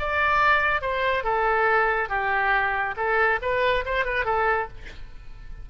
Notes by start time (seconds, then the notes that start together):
0.00 D5
0.82 C5
1.24 A4
2.10 G4
2.97 A4
3.42 B4
3.86 C5
4.06 B4
4.25 A4